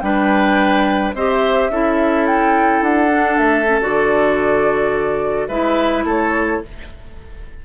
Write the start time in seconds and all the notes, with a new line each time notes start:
0.00 G3 D4 B4 G5
1.14 C4 G4 C5 D#5
1.29 E5
1.70 C#4 E4 A4
2.27 G5
2.82 D4 F#5
3.09 D4
3.38 A3 E5
3.66 C#4
3.81 D3 F#4 D5
5.48 G#3 E4 B4 E5
6.04 A3 A4 C#5